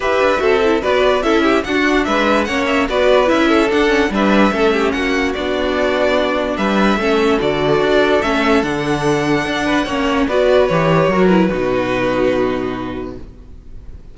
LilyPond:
<<
  \new Staff \with { instrumentName = "violin" } { \time 4/4 \tempo 4 = 146 e''2 d''4 e''4 | fis''4 e''4 fis''8 e''8 d''4 | e''4 fis''4 e''2 | fis''4 d''2. |
e''2 d''2 | e''4 fis''2.~ | fis''4 d''4 cis''4. b'8~ | b'1 | }
  \new Staff \with { instrumentName = "violin" } { \time 4/4 b'4 a'4 b'4 a'8 g'8 | fis'4 b'4 cis''4 b'4~ | b'8 a'4. b'4 a'8 g'8 | fis'1 |
b'4 a'2.~ | a'2.~ a'8 b'8 | cis''4 b'2 ais'4 | fis'1 | }
  \new Staff \with { instrumentName = "viola" } { \time 4/4 g'4 fis'8 e'8 fis'4 e'4 | d'2 cis'4 fis'4 | e'4 d'8 cis'8 d'4 cis'4~ | cis'4 d'2.~ |
d'4 cis'4 fis'2 | cis'4 d'2. | cis'4 fis'4 g'4 fis'8 e'8 | dis'1 | }
  \new Staff \with { instrumentName = "cello" } { \time 4/4 e'8 d'8 c'4 b4 cis'4 | d'4 gis4 ais4 b4 | cis'4 d'4 g4 a4 | ais4 b2. |
g4 a4 d4 d'4 | a4 d2 d'4 | ais4 b4 e4 fis4 | b,1 | }
>>